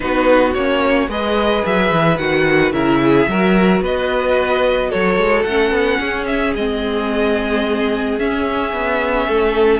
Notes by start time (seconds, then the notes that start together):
0.00 B3 D#4 F#4 B4
0.53 A#3 C#4 C#5
1.08 G#3 G#4 B4 D#5
1.65 F#3 E5
1.91 E3
2.17 D#3 F#4 F#5
2.72 C#3 E4 A#4 E5
3.03 G#4
3.27 F#3 F#4 A#4
3.80 B3 B4 D#5
4.89 F#3 A4 C#5
5.17 G#3
5.43 A3 C#4 F#5
5.70 B3
5.99 C#4 G#4
6.26 E5
6.55 G#3 C4 D#5
8.19 C#4 E5
8.73 B3
9.28 A3 A4